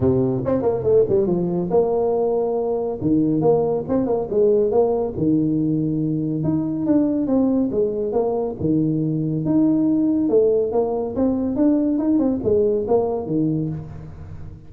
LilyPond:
\new Staff \with { instrumentName = "tuba" } { \time 4/4 \tempo 4 = 140 c4 c'8 ais8 a8 g8 f4 | ais2. dis4 | ais4 c'8 ais8 gis4 ais4 | dis2. dis'4 |
d'4 c'4 gis4 ais4 | dis2 dis'2 | a4 ais4 c'4 d'4 | dis'8 c'8 gis4 ais4 dis4 | }